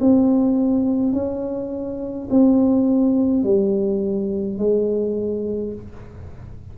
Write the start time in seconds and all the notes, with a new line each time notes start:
0.00 C4
1.12 C#4
2.30 C4
3.43 G3
4.58 G#3